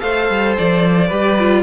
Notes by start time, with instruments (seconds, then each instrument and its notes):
0.00 cello A3, viola A4, violin C5 F5
0.29 cello G3
0.58 cello F3, violin D5
1.07 cello G3, viola G4, violin B4
1.39 viola F4